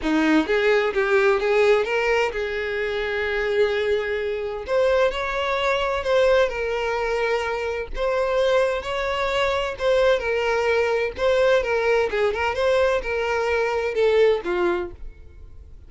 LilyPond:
\new Staff \with { instrumentName = "violin" } { \time 4/4 \tempo 4 = 129 dis'4 gis'4 g'4 gis'4 | ais'4 gis'2.~ | gis'2 c''4 cis''4~ | cis''4 c''4 ais'2~ |
ais'4 c''2 cis''4~ | cis''4 c''4 ais'2 | c''4 ais'4 gis'8 ais'8 c''4 | ais'2 a'4 f'4 | }